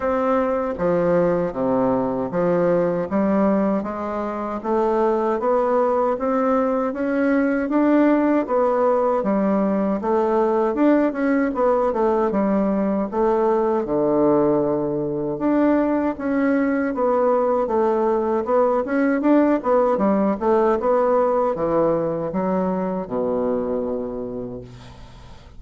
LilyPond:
\new Staff \with { instrumentName = "bassoon" } { \time 4/4 \tempo 4 = 78 c'4 f4 c4 f4 | g4 gis4 a4 b4 | c'4 cis'4 d'4 b4 | g4 a4 d'8 cis'8 b8 a8 |
g4 a4 d2 | d'4 cis'4 b4 a4 | b8 cis'8 d'8 b8 g8 a8 b4 | e4 fis4 b,2 | }